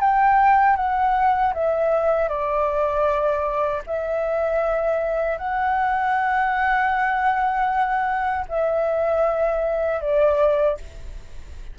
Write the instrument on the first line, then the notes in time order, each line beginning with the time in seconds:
flute
0.00 G5
0.76 F#5
1.54 E5
2.29 D5
3.87 E5
5.38 F#5
8.49 E5
10.00 D5